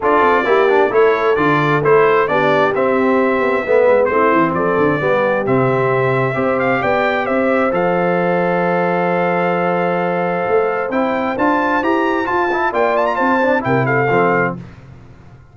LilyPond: <<
  \new Staff \with { instrumentName = "trumpet" } { \time 4/4 \tempo 4 = 132 d''2 cis''4 d''4 | c''4 d''4 e''2~ | e''4 c''4 d''2 | e''2~ e''8 f''8 g''4 |
e''4 f''2.~ | f''1 | g''4 a''4 ais''4 a''4 | g''8 a''16 ais''16 a''4 g''8 f''4. | }
  \new Staff \with { instrumentName = "horn" } { \time 4/4 a'4 g'4 a'2~ | a'4 g'2. | b'4 e'4 a'4 g'4~ | g'2 c''4 d''4 |
c''1~ | c''1~ | c''1 | d''4 c''4 ais'8 a'4. | }
  \new Staff \with { instrumentName = "trombone" } { \time 4/4 f'4 e'8 d'8 e'4 f'4 | e'4 d'4 c'2 | b4 c'2 b4 | c'2 g'2~ |
g'4 a'2.~ | a'1 | e'4 f'4 g'4 f'8 e'8 | f'4. d'8 e'4 c'4 | }
  \new Staff \with { instrumentName = "tuba" } { \time 4/4 d'8 c'8 ais4 a4 d4 | a4 b4 c'4. b8 | a8 gis8 a8 e8 f8 d8 g4 | c2 c'4 b4 |
c'4 f2.~ | f2. a4 | c'4 d'4 e'4 f'4 | ais4 c'4 c4 f4 | }
>>